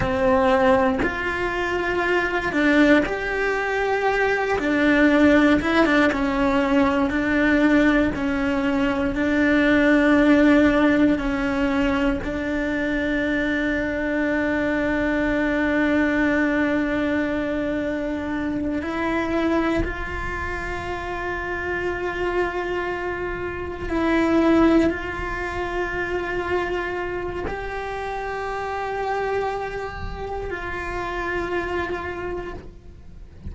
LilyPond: \new Staff \with { instrumentName = "cello" } { \time 4/4 \tempo 4 = 59 c'4 f'4. d'8 g'4~ | g'8 d'4 e'16 d'16 cis'4 d'4 | cis'4 d'2 cis'4 | d'1~ |
d'2~ d'8 e'4 f'8~ | f'2.~ f'8 e'8~ | e'8 f'2~ f'8 g'4~ | g'2 f'2 | }